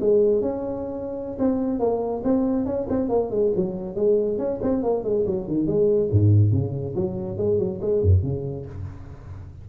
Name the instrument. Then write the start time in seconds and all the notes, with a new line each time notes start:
tuba
0.00 G#3
0.41 C#4
1.39 C4
1.79 A#3
2.24 C4
2.66 C#4
2.89 C4
3.09 A#3
3.31 G#3
3.56 F#3
3.95 G#3
4.38 C#4
4.62 C4
4.83 A#3
5.04 G#3
5.26 F#3
5.47 D#3
5.67 G#3
6.11 G#2
6.52 C#3
6.95 F#3
7.37 G#3
7.59 F#3
7.81 G#3
8.02 F#2
8.23 C#3